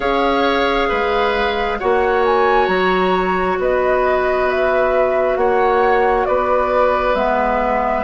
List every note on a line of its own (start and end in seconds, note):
0.00 0.87 C#4
0.00 1.79 G#4
0.00 0.88 C#5
0.00 1.79 F5
0.88 1.81 G#3
0.88 1.78 B4
1.79 2.67 A#3
1.79 7.16 F#4
1.79 3.58 C#5
1.79 2.24 F#5
2.25 2.66 G#5
2.66 3.57 F#3
2.66 3.56 A#5
3.59 5.36 B3
3.59 5.38 B4
3.59 4.49 D#5
4.49 5.36 E5
5.36 6.26 A#3
5.36 6.27 C#5
5.36 6.25 F#5
6.25 7.14 B3
6.25 8.04 B4
6.25 7.15 D5
7.14 8.04 G#3
7.14 8.04 B3
7.14 8.04 E5